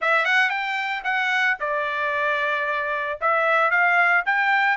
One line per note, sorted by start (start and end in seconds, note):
0.01 0.25 E5
0.25 0.49 F#5
0.49 1.02 G5
1.04 1.57 F#5
1.59 3.19 D5
3.21 3.70 E5
3.70 4.23 F5
4.25 4.77 G5